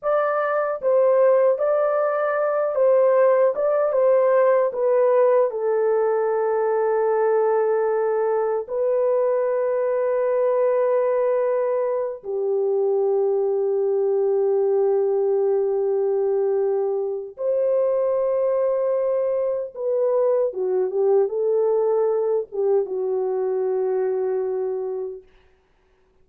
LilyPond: \new Staff \with { instrumentName = "horn" } { \time 4/4 \tempo 4 = 76 d''4 c''4 d''4. c''8~ | c''8 d''8 c''4 b'4 a'4~ | a'2. b'4~ | b'2.~ b'8 g'8~ |
g'1~ | g'2 c''2~ | c''4 b'4 fis'8 g'8 a'4~ | a'8 g'8 fis'2. | }